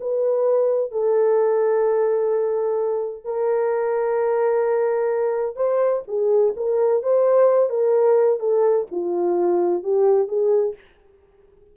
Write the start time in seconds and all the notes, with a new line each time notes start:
0.00 B4
0.91 A4
3.24 A#4
5.55 C5
6.07 G#4
6.56 A#4
7.02 C5
7.69 A#4
8.39 A4
8.91 F4
9.83 G4
10.28 G#4